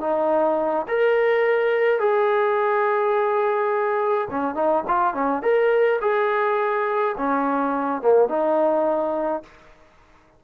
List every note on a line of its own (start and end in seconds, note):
0.00 0.86 D#4
0.88 1.99 A#4
1.99 4.28 G#4
4.30 4.55 C#4
4.55 4.83 D#4
4.87 5.14 F4
5.14 5.42 C#4
5.42 5.99 A#4
6.01 7.15 G#4
7.17 8.01 C#4
8.01 8.28 A#3
8.28 9.42 D#4